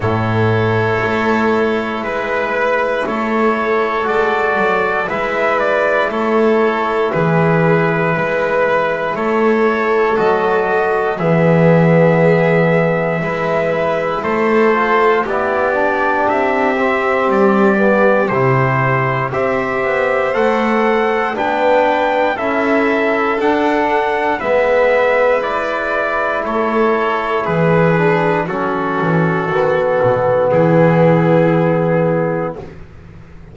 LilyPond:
<<
  \new Staff \with { instrumentName = "trumpet" } { \time 4/4 \tempo 4 = 59 cis''2 b'4 cis''4 | d''4 e''8 d''8 cis''4 b'4~ | b'4 cis''4 dis''4 e''4~ | e''2 c''4 d''4 |
e''4 d''4 c''4 e''4 | fis''4 g''4 e''4 fis''4 | e''4 d''4 cis''4 b'4 | a'2 gis'2 | }
  \new Staff \with { instrumentName = "violin" } { \time 4/4 a'2 b'4 a'4~ | a'4 b'4 a'4 gis'4 | b'4 a'2 gis'4~ | gis'4 b'4 a'4 g'4~ |
g'2. c''4~ | c''4 b'4 a'2 | b'2 a'4 gis'4 | fis'2 e'2 | }
  \new Staff \with { instrumentName = "trombone" } { \time 4/4 e'1 | fis'4 e'2.~ | e'2 fis'4 b4~ | b4 e'4. f'8 e'8 d'8~ |
d'8 c'4 b8 e'4 g'4 | a'4 d'4 e'4 d'4 | b4 e'2~ e'8 d'8 | cis'4 b2. | }
  \new Staff \with { instrumentName = "double bass" } { \time 4/4 a,4 a4 gis4 a4 | gis8 fis8 gis4 a4 e4 | gis4 a4 fis4 e4~ | e4 gis4 a4 b4 |
c'4 g4 c4 c'8 b8 | a4 b4 cis'4 d'4 | gis2 a4 e4 | fis8 e8 dis8 b,8 e2 | }
>>